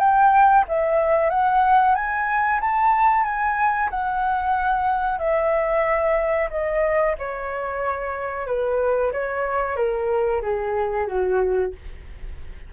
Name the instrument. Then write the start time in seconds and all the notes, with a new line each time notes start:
flute
0.00 G5
0.68 E5
1.30 F#5
1.95 G#5
2.61 A5
3.25 G#5
3.90 F#5
5.19 E5
6.50 D#5
7.19 C#5
8.47 B4
9.13 C#5
9.76 A#4
10.42 G#4
11.08 F#4